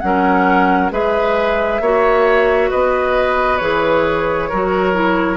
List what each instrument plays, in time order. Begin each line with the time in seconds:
0.00 bassoon F#3, clarinet C#4, oboe A#4, flute F#5
0.91 bassoon G#3, clarinet G#4, oboe B4, flute E5
1.80 bassoon A#3, clarinet F#4, oboe C#5
2.70 bassoon B3, oboe B4, flute D#5
3.57 bassoon E3, clarinet G#4, flute C#5
4.49 bassoon F#3, clarinet F#4, oboe A#4
4.93 clarinet E4